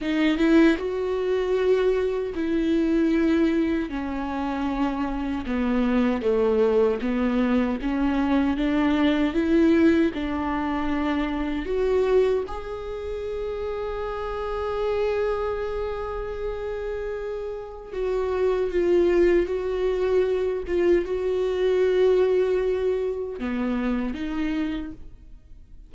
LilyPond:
\new Staff \with { instrumentName = "viola" } { \time 4/4 \tempo 4 = 77 dis'8 e'8 fis'2 e'4~ | e'4 cis'2 b4 | a4 b4 cis'4 d'4 | e'4 d'2 fis'4 |
gis'1~ | gis'2. fis'4 | f'4 fis'4. f'8 fis'4~ | fis'2 b4 dis'4 | }